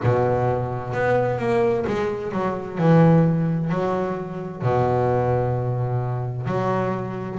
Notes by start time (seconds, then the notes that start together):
0.03 B2
0.93 B3
1.38 A#3
1.87 G#3
2.32 F#3
2.78 E3
3.69 F#3
4.62 B2
6.46 F#3